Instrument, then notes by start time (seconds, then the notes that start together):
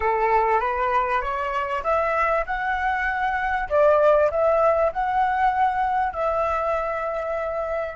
flute
0.00 A4
0.60 B4
1.21 C#5
1.83 E5
2.46 F#5
3.69 D5
4.30 E5
4.92 F#5
6.12 E5